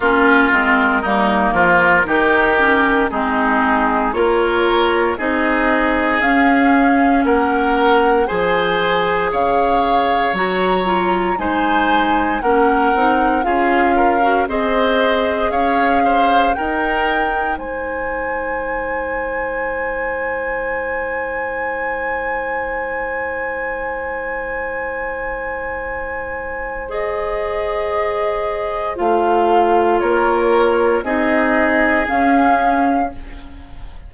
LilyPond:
<<
  \new Staff \with { instrumentName = "flute" } { \time 4/4 \tempo 4 = 58 ais'2. gis'4 | cis''4 dis''4 f''4 fis''4 | gis''4 f''4 ais''4 gis''4 | fis''4 f''4 dis''4 f''4 |
g''4 gis''2.~ | gis''1~ | gis''2 dis''2 | f''4 cis''4 dis''4 f''4 | }
  \new Staff \with { instrumentName = "oboe" } { \time 4/4 f'4 dis'8 f'8 g'4 dis'4 | ais'4 gis'2 ais'4 | c''4 cis''2 c''4 | ais'4 gis'8 ais'8 c''4 cis''8 c''8 |
ais'4 c''2.~ | c''1~ | c''1~ | c''4 ais'4 gis'2 | }
  \new Staff \with { instrumentName = "clarinet" } { \time 4/4 cis'8 c'8 ais4 dis'8 cis'8 c'4 | f'4 dis'4 cis'2 | gis'2 fis'8 f'8 dis'4 | cis'8 dis'8 f'8. fis'16 gis'2 |
dis'1~ | dis'1~ | dis'2 gis'2 | f'2 dis'4 cis'4 | }
  \new Staff \with { instrumentName = "bassoon" } { \time 4/4 ais8 gis8 g8 f8 dis4 gis4 | ais4 c'4 cis'4 ais4 | f4 cis4 fis4 gis4 | ais8 c'8 cis'4 c'4 cis'4 |
dis'4 gis2.~ | gis1~ | gis1 | a4 ais4 c'4 cis'4 | }
>>